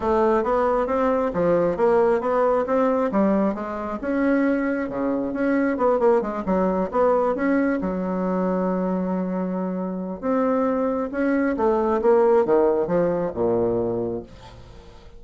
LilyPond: \new Staff \with { instrumentName = "bassoon" } { \time 4/4 \tempo 4 = 135 a4 b4 c'4 f4 | ais4 b4 c'4 g4 | gis4 cis'2 cis4 | cis'4 b8 ais8 gis8 fis4 b8~ |
b8 cis'4 fis2~ fis8~ | fis2. c'4~ | c'4 cis'4 a4 ais4 | dis4 f4 ais,2 | }